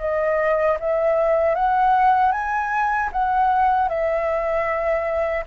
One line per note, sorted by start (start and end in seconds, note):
0.00 0.78 D#5
0.80 1.55 E5
1.55 2.32 F#5
2.32 3.10 G#5
3.12 3.89 F#5
3.89 5.44 E5